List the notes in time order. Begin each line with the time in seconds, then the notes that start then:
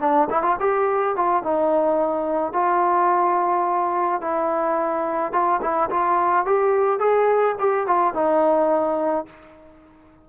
0.00 D4
0.30 E4
0.43 F4
0.60 G4
1.16 F4
1.43 D#4
2.53 F4
4.21 E4
5.32 F4
5.62 E4
5.90 F4
6.45 G4
6.99 G#4
7.59 G4
7.87 F4
8.14 D#4